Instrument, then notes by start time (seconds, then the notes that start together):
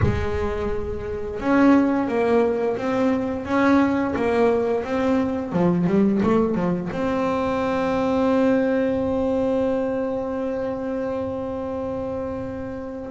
double bass
0.02 G#3
1.39 C#4
2.08 A#3
2.77 C4
3.45 C#4
4.15 A#3
4.84 C4
5.52 F3
5.86 G3
6.23 A3
6.55 F3
6.92 C4